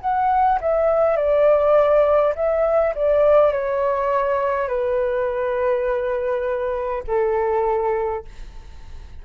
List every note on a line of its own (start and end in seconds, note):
0.00 0.59 F#5
0.60 1.17 E5
1.17 2.34 D5
2.35 2.94 E5
2.95 3.52 D5
3.52 4.68 C#5
4.68 7.03 B4
7.07 8.25 A4